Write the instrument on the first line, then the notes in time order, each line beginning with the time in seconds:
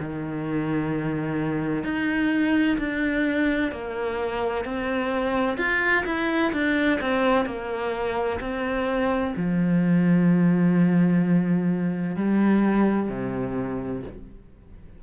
cello
0.00 D#3
1.84 D#4
2.78 D4
3.72 A#3
4.65 C4
5.58 F4
6.06 E4
6.53 D4
7.01 C4
7.46 A#3
8.41 C4
9.37 F3
12.17 G3
13.10 C3